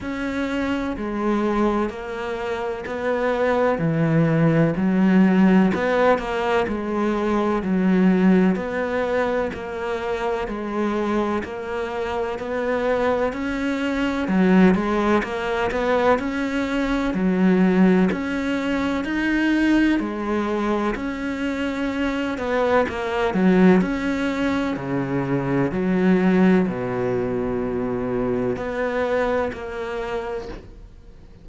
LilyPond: \new Staff \with { instrumentName = "cello" } { \time 4/4 \tempo 4 = 63 cis'4 gis4 ais4 b4 | e4 fis4 b8 ais8 gis4 | fis4 b4 ais4 gis4 | ais4 b4 cis'4 fis8 gis8 |
ais8 b8 cis'4 fis4 cis'4 | dis'4 gis4 cis'4. b8 | ais8 fis8 cis'4 cis4 fis4 | b,2 b4 ais4 | }